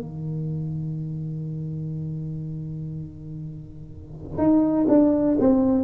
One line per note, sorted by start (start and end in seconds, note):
0.00 4.38 D#3
4.38 4.86 D#4
4.88 5.37 D4
5.39 5.84 C4